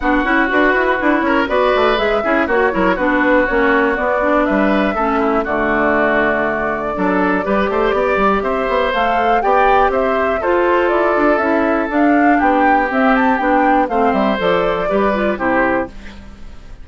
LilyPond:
<<
  \new Staff \with { instrumentName = "flute" } { \time 4/4 \tempo 4 = 121 fis''4 b'4. cis''8 d''4 | e''4 cis''4 b'4 cis''4 | d''4 e''2 d''4~ | d''1~ |
d''4 e''4 f''4 g''4 | e''4 c''4 d''4 e''4 | f''4 g''4 e''8 a''8 g''4 | f''8 e''8 d''2 c''4 | }
  \new Staff \with { instrumentName = "oboe" } { \time 4/4 fis'2~ fis'8 ais'8 b'4~ | b'8 gis'8 fis'8 ais'8 fis'2~ | fis'4 b'4 a'8 e'8 fis'4~ | fis'2 a'4 b'8 c''8 |
d''4 c''2 d''4 | c''4 a'2.~ | a'4 g'2. | c''2 b'4 g'4 | }
  \new Staff \with { instrumentName = "clarinet" } { \time 4/4 d'8 e'8 fis'4 e'4 fis'4 | gis'8 e'8 fis'8 e'8 d'4 cis'4 | b8 d'4. cis'4 a4~ | a2 d'4 g'4~ |
g'2 a'4 g'4~ | g'4 f'2 e'4 | d'2 c'4 d'4 | c'4 a'4 g'8 f'8 e'4 | }
  \new Staff \with { instrumentName = "bassoon" } { \time 4/4 b8 cis'8 d'8 e'8 d'8 cis'8 b8 a8 | gis8 cis'8 ais8 fis8 b4 ais4 | b4 g4 a4 d4~ | d2 fis4 g8 a8 |
b8 g8 c'8 b8 a4 b4 | c'4 f'4 e'8 d'8 cis'4 | d'4 b4 c'4 b4 | a8 g8 f4 g4 c4 | }
>>